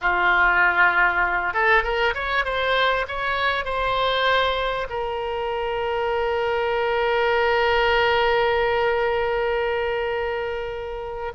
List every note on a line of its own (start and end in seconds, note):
0.01 1.53 F4
1.53 1.83 A4
1.83 2.14 A#4
2.14 2.44 C#5
2.44 3.06 C5
3.08 3.64 C#5
3.64 4.87 C5
4.89 11.32 A#4